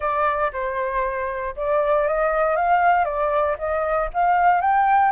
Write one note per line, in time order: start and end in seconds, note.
0.00 0.51 D5
0.52 1.55 C5
1.56 2.07 D5
2.07 2.55 D#5
2.55 3.05 F5
3.05 3.56 D5
3.58 4.09 D#5
4.13 4.61 F5
4.61 5.11 G5